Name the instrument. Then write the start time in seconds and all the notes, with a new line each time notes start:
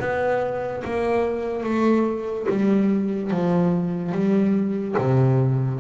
double bass
0.00 B3
0.84 A#3
1.64 A3
2.50 G3
3.31 F3
4.12 G3
4.98 C3